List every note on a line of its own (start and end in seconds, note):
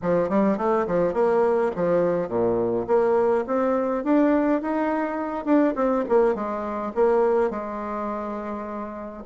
0.02 0.29 F3
0.29 0.57 G3
0.57 0.86 A3
0.86 1.13 F3
1.13 1.71 A#3
1.75 2.28 F3
2.28 2.86 A#2
2.87 3.44 A#3
3.46 4.04 C4
4.04 4.61 D4
4.61 5.45 D#4
5.45 5.74 D4
5.75 6.04 C4
6.08 6.34 A#3
6.34 6.92 G#3
6.94 7.50 A#3
7.50 9.23 G#3